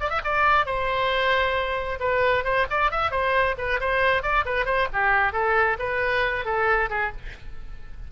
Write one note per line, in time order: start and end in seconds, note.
0.00 0.10 D5
0.10 0.21 E5
0.24 0.65 D5
0.65 1.99 C5
2.00 2.44 B4
2.44 2.66 C5
2.70 2.91 D5
2.91 3.11 E5
3.11 3.55 C5
3.58 3.80 B4
3.80 4.22 C5
4.22 4.45 D5
4.45 4.65 B4
4.65 4.87 C5
4.93 5.33 G4
5.33 5.77 A4
5.79 6.45 B4
6.45 6.89 A4
6.89 7.12 G#4